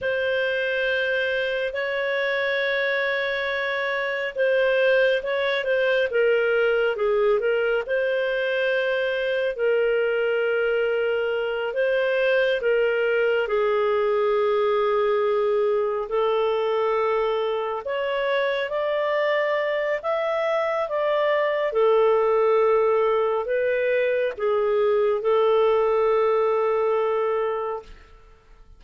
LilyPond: \new Staff \with { instrumentName = "clarinet" } { \time 4/4 \tempo 4 = 69 c''2 cis''2~ | cis''4 c''4 cis''8 c''8 ais'4 | gis'8 ais'8 c''2 ais'4~ | ais'4. c''4 ais'4 gis'8~ |
gis'2~ gis'8 a'4.~ | a'8 cis''4 d''4. e''4 | d''4 a'2 b'4 | gis'4 a'2. | }